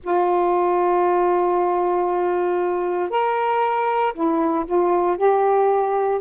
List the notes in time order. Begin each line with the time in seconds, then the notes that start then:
0.03 F4
3.09 A#4
4.13 E4
4.66 F4
5.17 G4